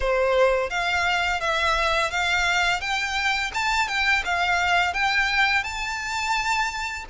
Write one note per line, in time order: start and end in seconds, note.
0.00 0.70 C5
0.70 1.40 F5
1.40 2.10 E5
2.10 2.80 F5
2.80 3.51 G5
3.54 3.88 A5
3.88 4.23 G5
4.24 4.93 F5
4.93 5.63 G5
5.63 7.04 A5